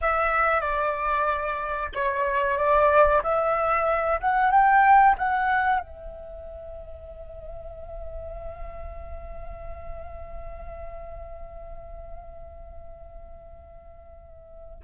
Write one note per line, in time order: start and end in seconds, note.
0.01 0.60 E5
0.60 1.89 D5
1.94 2.57 C#5
2.57 3.22 D5
3.23 4.20 E5
4.20 4.51 F#5
4.51 5.15 G5
5.18 5.79 F#5
5.79 14.82 E5